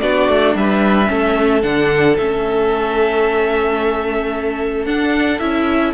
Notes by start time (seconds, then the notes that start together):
0.00 B3 D4 F#4 D5
0.28 A3
0.55 G3 B4 E5
1.06 A3 C#4 A4
1.62 D3 D4 F#5
2.17 A3 C#4 E5
4.86 D4 F#5
5.39 C#4 E4 E5